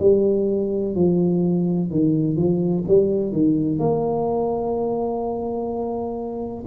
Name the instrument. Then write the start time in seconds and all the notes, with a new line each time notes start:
tuba
0.00 G3
0.95 F3
1.90 D#3
2.37 F3
2.88 G3
3.32 D#3
3.79 A#3